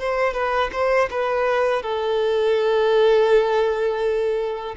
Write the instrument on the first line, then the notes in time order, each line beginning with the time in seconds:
violin
0.00 C5
0.34 B4
0.73 C5
1.11 B4
1.83 A4